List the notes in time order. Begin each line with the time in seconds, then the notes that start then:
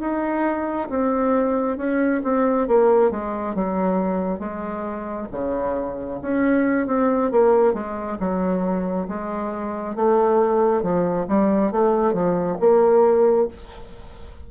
0.00 D#4
0.89 C4
1.77 C#4
2.23 C4
2.68 A#3
3.11 G#3
3.55 F#3
4.39 G#3
5.32 C#3
6.22 C#4
6.87 C4
7.32 A#3
7.74 G#3
8.19 F#3
9.08 G#3
9.95 A3
10.82 F3
11.28 G3
11.72 A3
12.13 F3
12.60 A#3